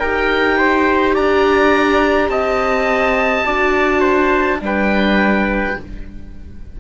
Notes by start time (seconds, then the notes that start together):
0.00 D#4 G4 A#4 G5
0.57 C5
1.14 D4 D5 A#5
2.29 C4 D#5 A5
3.45 D4 F#4 D5
4.00 C5
4.59 G3 D4
4.65 B4 G5